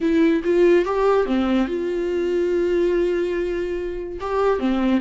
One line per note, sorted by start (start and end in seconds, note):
0.00 0.42 E4
0.44 0.85 F4
0.85 1.26 G4
1.26 1.67 C4
1.67 4.19 F4
4.20 4.59 G4
4.59 5.00 C4